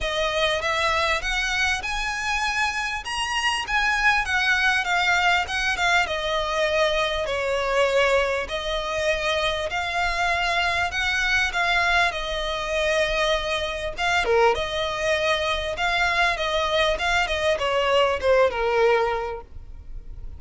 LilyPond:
\new Staff \with { instrumentName = "violin" } { \time 4/4 \tempo 4 = 99 dis''4 e''4 fis''4 gis''4~ | gis''4 ais''4 gis''4 fis''4 | f''4 fis''8 f''8 dis''2 | cis''2 dis''2 |
f''2 fis''4 f''4 | dis''2. f''8 ais'8 | dis''2 f''4 dis''4 | f''8 dis''8 cis''4 c''8 ais'4. | }